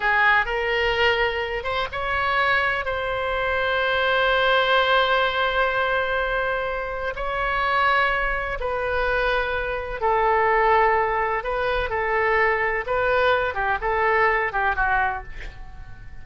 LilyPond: \new Staff \with { instrumentName = "oboe" } { \time 4/4 \tempo 4 = 126 gis'4 ais'2~ ais'8 c''8 | cis''2 c''2~ | c''1~ | c''2. cis''4~ |
cis''2 b'2~ | b'4 a'2. | b'4 a'2 b'4~ | b'8 g'8 a'4. g'8 fis'4 | }